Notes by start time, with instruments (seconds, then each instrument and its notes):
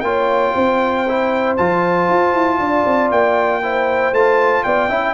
0.00 tuba A#3, trombone F4, horn C#5, trumpet G5
0.54 tuba C4, horn C5
1.08 trombone E4
1.57 tuba F3, trombone F4, trumpet A5
2.09 tuba F4
2.33 tuba E4
2.59 tuba D4, horn D5
2.85 tuba C4
3.11 tuba A#3, trumpet G5
3.62 trombone E4, horn C5
4.12 tuba A3, trombone F4, trumpet A5
4.63 tuba B3, horn D5, trumpet G5
4.88 tuba C#4, trombone E4, horn E5